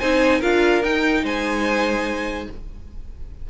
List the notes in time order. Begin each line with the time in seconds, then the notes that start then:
0.00 C4 D#4 C5 G#5
0.39 D4 F4 A#4 F5
0.83 D#4 G5
1.24 G#3 C5 G#5